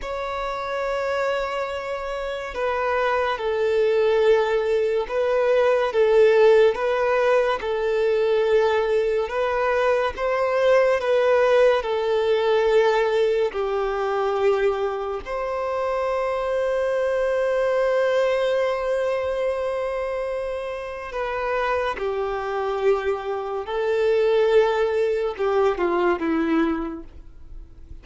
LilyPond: \new Staff \with { instrumentName = "violin" } { \time 4/4 \tempo 4 = 71 cis''2. b'4 | a'2 b'4 a'4 | b'4 a'2 b'4 | c''4 b'4 a'2 |
g'2 c''2~ | c''1~ | c''4 b'4 g'2 | a'2 g'8 f'8 e'4 | }